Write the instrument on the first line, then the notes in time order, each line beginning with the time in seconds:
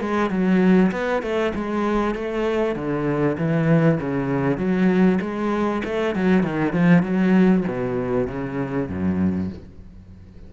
cello
0.00 G#3
0.29 F#3
0.92 B3
1.22 A3
1.55 G#3
2.15 A3
2.75 D3
3.38 E3
4.00 C#3
4.57 F#3
5.21 G#3
5.84 A3
6.15 F#3
6.43 D#3
6.72 F3
7.03 F#3
7.67 B2
8.27 C#3
8.88 F#2